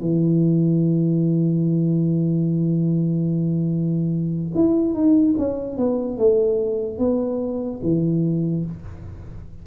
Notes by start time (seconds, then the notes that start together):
0.00 E3
4.54 E4
4.94 D#4
5.38 C#4
5.77 B3
6.17 A3
6.98 B3
7.82 E3